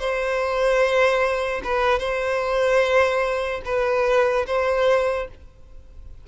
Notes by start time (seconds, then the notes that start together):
0.00 C5
1.64 B4
1.99 C5
3.65 B4
4.47 C5